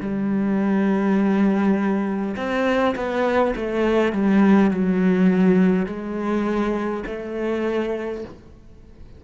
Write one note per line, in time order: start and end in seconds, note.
0.00 2.35 G3
2.36 2.95 C4
2.95 3.54 B3
3.56 4.12 A3
4.12 4.71 G3
4.71 5.86 F#3
5.86 7.03 G#3
7.06 8.24 A3